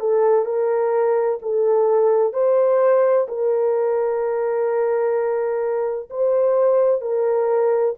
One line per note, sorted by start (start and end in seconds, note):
0.00 0.45 A4
0.45 1.39 A#4
1.42 2.34 A4
2.34 3.27 C5
3.28 6.09 A#4
6.10 7.01 C5
7.01 7.95 A#4